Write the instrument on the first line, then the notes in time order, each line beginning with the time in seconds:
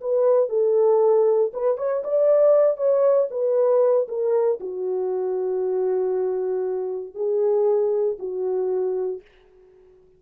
horn
0.00 B4
0.49 A4
1.53 B4
1.77 C#5
2.03 D5
2.76 C#5
3.30 B4
4.08 A#4
4.60 F#4
7.14 G#4
8.18 F#4